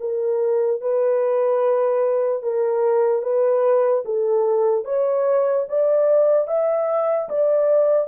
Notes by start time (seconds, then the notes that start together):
0.00 A#4
0.81 B4
2.43 A#4
3.22 B4
4.05 A4
4.85 C#5
5.69 D5
6.48 E5
7.29 D5